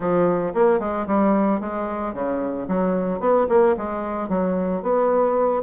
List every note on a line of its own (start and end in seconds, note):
0.00 0.53 F3
0.54 0.79 A#3
0.79 1.06 G#3
1.06 1.60 G3
1.60 2.13 G#3
2.13 2.67 C#3
2.68 3.20 F#3
3.20 3.47 B3
3.48 3.75 A#3
3.77 4.28 G#3
4.28 4.82 F#3
4.82 5.62 B3